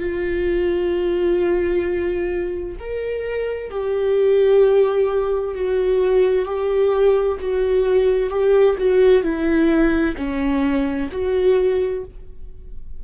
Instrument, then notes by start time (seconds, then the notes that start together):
viola
0.00 F4
2.80 A#4
3.71 G4
5.55 F#4
6.46 G4
7.41 F#4
8.30 G4
8.79 F#4
9.23 E4
10.17 C#4
11.12 F#4